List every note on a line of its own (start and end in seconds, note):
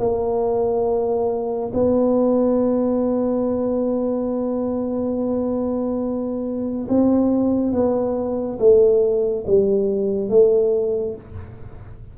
0.00 1.72 A#3
1.74 6.88 B3
6.89 7.73 C4
7.73 8.59 B3
8.59 9.45 A3
9.47 10.30 G3
10.30 11.15 A3